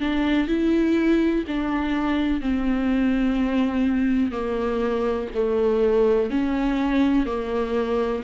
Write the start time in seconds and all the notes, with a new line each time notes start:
0.00 D4
0.48 E4
1.48 D4
2.41 C4
4.32 A#3
5.34 A3
6.31 C#4
7.26 A#3